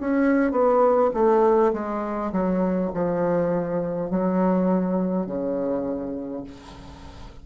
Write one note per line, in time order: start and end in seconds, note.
0.00 0.51 C#4
0.51 1.10 B3
1.13 1.72 A3
1.73 2.32 G#3
2.32 2.91 F#3
2.94 4.10 F3
4.10 5.26 F#3
5.26 6.44 C#3